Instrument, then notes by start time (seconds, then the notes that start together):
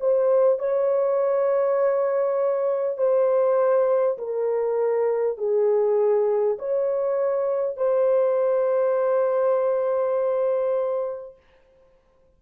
horn
0.00 C5
0.58 C#5
2.97 C5
4.18 A#4
5.38 G#4
6.59 C#5
7.77 C5